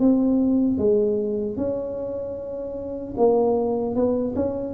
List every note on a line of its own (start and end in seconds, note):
0.00 0.78 C4
0.78 1.57 G#3
1.57 3.15 C#4
3.18 3.95 A#3
3.95 4.35 B3
4.36 4.75 C#4